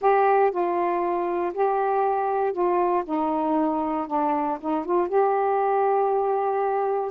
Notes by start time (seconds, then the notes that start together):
0.01 G4
0.51 F4
1.53 G4
2.52 F4
3.05 D#4
4.07 D4
4.60 D#4
4.85 F4
5.08 G4